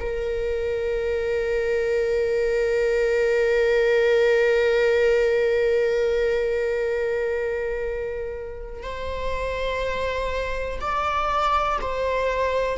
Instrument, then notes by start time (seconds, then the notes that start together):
viola
0.00 A#4
8.83 C5
10.81 D5
11.81 C5